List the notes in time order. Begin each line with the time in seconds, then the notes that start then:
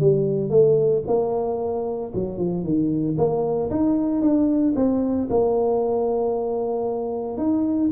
0.00 G3
0.50 A3
1.07 A#3
2.15 F#3
2.38 F3
2.64 D#3
3.17 A#3
3.70 D#4
4.22 D4
4.76 C4
5.30 A#3
7.38 D#4